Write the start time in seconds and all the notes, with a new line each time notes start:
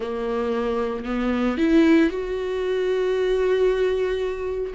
0.00 A#3
1.04 B3
1.57 E4
2.10 F#4